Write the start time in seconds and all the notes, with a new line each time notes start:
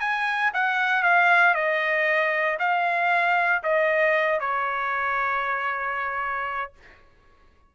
0.00 G#5
0.54 F#5
1.03 F5
1.54 D#5
2.59 F5
3.63 D#5
4.40 C#5